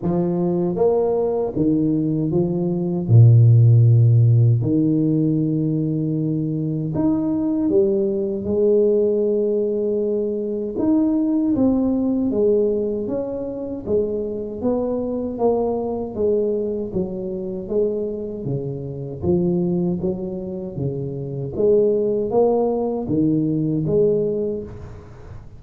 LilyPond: \new Staff \with { instrumentName = "tuba" } { \time 4/4 \tempo 4 = 78 f4 ais4 dis4 f4 | ais,2 dis2~ | dis4 dis'4 g4 gis4~ | gis2 dis'4 c'4 |
gis4 cis'4 gis4 b4 | ais4 gis4 fis4 gis4 | cis4 f4 fis4 cis4 | gis4 ais4 dis4 gis4 | }